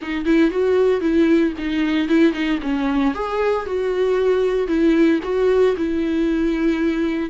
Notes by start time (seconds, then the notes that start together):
0.01 D#4
0.25 E4
0.50 F#4
1.01 E4
1.58 D#4
2.08 E4
2.32 D#4
2.62 C#4
3.14 G#4
3.66 F#4
4.67 E4
5.23 F#4
5.76 E4